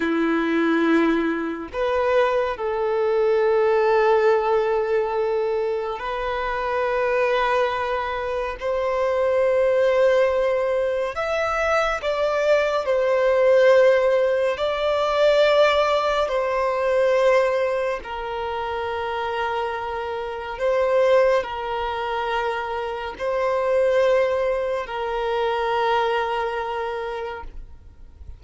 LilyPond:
\new Staff \with { instrumentName = "violin" } { \time 4/4 \tempo 4 = 70 e'2 b'4 a'4~ | a'2. b'4~ | b'2 c''2~ | c''4 e''4 d''4 c''4~ |
c''4 d''2 c''4~ | c''4 ais'2. | c''4 ais'2 c''4~ | c''4 ais'2. | }